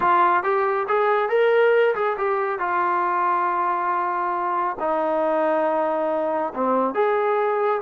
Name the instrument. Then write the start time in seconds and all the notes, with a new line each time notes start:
trombone
0.00 F4
0.43 G4
0.87 G#4
1.29 A#4
1.95 G#4
2.17 G4
2.59 F4
4.79 D#4
6.54 C4
6.94 G#4